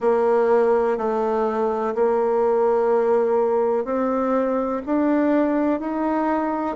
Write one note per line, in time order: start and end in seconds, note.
0.00 0.97 A#3
0.97 1.94 A3
1.94 3.84 A#3
3.84 4.81 C4
4.86 5.80 D4
5.80 6.76 D#4